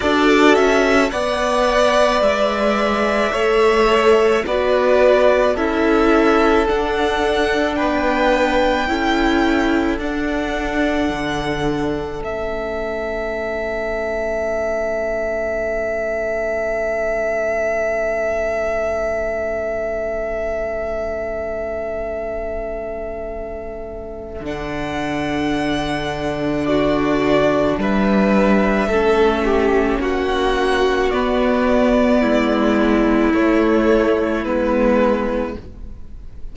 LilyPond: <<
  \new Staff \with { instrumentName = "violin" } { \time 4/4 \tempo 4 = 54 d''8 e''8 fis''4 e''2 | d''4 e''4 fis''4 g''4~ | g''4 fis''2 e''4~ | e''1~ |
e''1~ | e''2 fis''2 | d''4 e''2 fis''4 | d''2 cis''4 b'4 | }
  \new Staff \with { instrumentName = "violin" } { \time 4/4 a'4 d''2 cis''4 | b'4 a'2 b'4 | a'1~ | a'1~ |
a'1~ | a'1 | fis'4 b'4 a'8 g'8 fis'4~ | fis'4 e'2. | }
  \new Staff \with { instrumentName = "viola" } { \time 4/4 fis'4 b'2 a'4 | fis'4 e'4 d'2 | e'4 d'2 cis'4~ | cis'1~ |
cis'1~ | cis'2 d'2~ | d'2 cis'2 | b2 a4 b4 | }
  \new Staff \with { instrumentName = "cello" } { \time 4/4 d'8 cis'8 b4 gis4 a4 | b4 cis'4 d'4 b4 | cis'4 d'4 d4 a4~ | a1~ |
a1~ | a2 d2~ | d4 g4 a4 ais4 | b4 gis4 a4 gis4 | }
>>